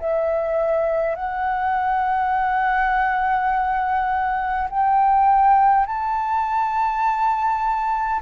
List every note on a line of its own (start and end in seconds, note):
0.00 1.16 E5
1.16 4.68 F#5
4.70 5.87 G5
5.87 8.22 A5